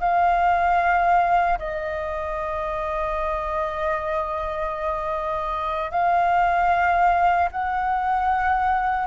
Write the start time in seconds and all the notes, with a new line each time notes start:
0.00 F5
1.58 D#5
5.91 F5
7.51 F#5